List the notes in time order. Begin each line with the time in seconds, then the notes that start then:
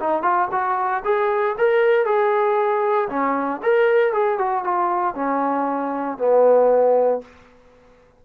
0.00 D#4
0.22 F4
0.51 F#4
1.04 G#4
1.58 A#4
2.05 G#4
3.09 C#4
3.63 A#4
4.13 G#4
4.38 F#4
4.64 F4
5.15 C#4
6.18 B3